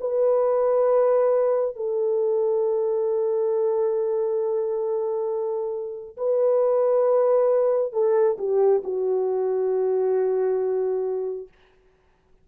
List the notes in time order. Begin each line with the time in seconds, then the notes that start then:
0.00 B4
1.76 A4
6.17 B4
7.93 A4
8.38 G4
8.84 F#4